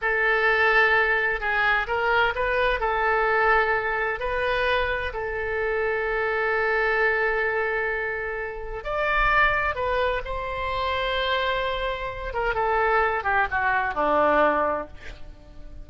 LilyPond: \new Staff \with { instrumentName = "oboe" } { \time 4/4 \tempo 4 = 129 a'2. gis'4 | ais'4 b'4 a'2~ | a'4 b'2 a'4~ | a'1~ |
a'2. d''4~ | d''4 b'4 c''2~ | c''2~ c''8 ais'8 a'4~ | a'8 g'8 fis'4 d'2 | }